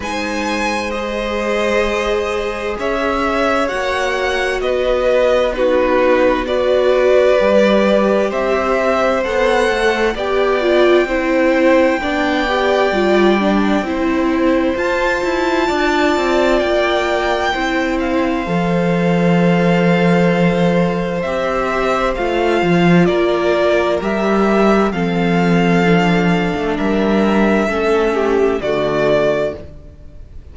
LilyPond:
<<
  \new Staff \with { instrumentName = "violin" } { \time 4/4 \tempo 4 = 65 gis''4 dis''2 e''4 | fis''4 dis''4 b'4 d''4~ | d''4 e''4 fis''4 g''4~ | g''1 |
a''2 g''4. f''8~ | f''2. e''4 | f''4 d''4 e''4 f''4~ | f''4 e''2 d''4 | }
  \new Staff \with { instrumentName = "violin" } { \time 4/4 c''2. cis''4~ | cis''4 b'4 fis'4 b'4~ | b'4 c''2 d''4 | c''4 d''2 c''4~ |
c''4 d''2 c''4~ | c''1~ | c''4 ais'2 a'4~ | a'4 ais'4 a'8 g'8 fis'4 | }
  \new Staff \with { instrumentName = "viola" } { \time 4/4 dis'4 gis'2. | fis'2 dis'4 fis'4 | g'2 a'4 g'8 f'8 | e'4 d'8 g'8 f'8 d'8 e'4 |
f'2. e'4 | a'2. g'4 | f'2 g'4 c'4 | d'2 cis'4 a4 | }
  \new Staff \with { instrumentName = "cello" } { \time 4/4 gis2. cis'4 | ais4 b2. | g4 c'4 b8 a8 b4 | c'4 b4 g4 c'4 |
f'8 e'8 d'8 c'8 ais4 c'4 | f2. c'4 | a8 f8 ais4 g4 f4~ | f8. a16 g4 a4 d4 | }
>>